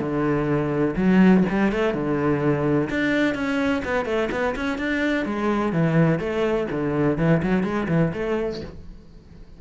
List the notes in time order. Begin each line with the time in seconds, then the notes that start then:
0.00 D3
0.97 F#3
1.50 G3
1.72 A3
1.94 D3
2.90 D4
3.35 C#4
3.85 B3
4.06 A3
4.32 B3
4.56 C#4
4.79 D4
5.26 G#3
5.73 E3
6.20 A3
6.71 D3
7.18 E3
7.43 F#3
7.64 G#3
7.89 E3
8.14 A3